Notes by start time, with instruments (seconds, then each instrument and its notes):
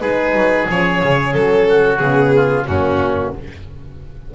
0.00 double bass G#3, horn D#4, oboe G#4, violin B4
0.33 double bass F#3
0.68 double bass F3, horn C#4, violin C#5
1.03 double bass C#3
1.32 double bass F#3, violin A4
1.68 oboe F#4
1.97 double bass C#3, horn B3, violin G#4
2.35 oboe F4
2.67 double bass F#2, horn A#3, oboe C#4, violin F#4